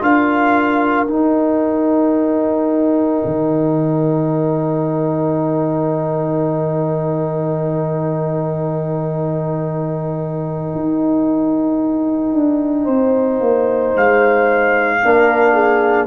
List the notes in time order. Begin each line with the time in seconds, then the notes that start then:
0.00 D4 F4 A#4 F5
1.08 D#4 G5
3.25 D#3
10.75 D#4
12.33 D4
12.84 C4 C5
13.40 A#3
13.96 G#3 F5
15.03 A#3 D4 A#4
15.54 G#4